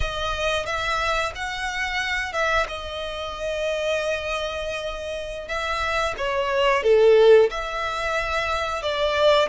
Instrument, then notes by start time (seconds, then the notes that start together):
violin
0.00 D#5
0.65 E5
1.35 F#5
2.32 E5
2.68 D#5
5.48 E5
6.17 C#5
6.83 A4
7.50 E5
8.82 D5